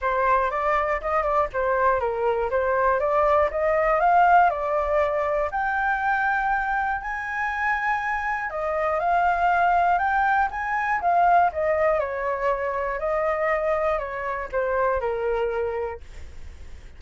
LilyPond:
\new Staff \with { instrumentName = "flute" } { \time 4/4 \tempo 4 = 120 c''4 d''4 dis''8 d''8 c''4 | ais'4 c''4 d''4 dis''4 | f''4 d''2 g''4~ | g''2 gis''2~ |
gis''4 dis''4 f''2 | g''4 gis''4 f''4 dis''4 | cis''2 dis''2 | cis''4 c''4 ais'2 | }